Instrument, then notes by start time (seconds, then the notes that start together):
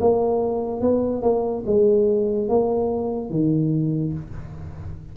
tuba
0.00 A#3
0.81 B3
1.22 A#3
1.66 G#3
2.48 A#3
3.30 D#3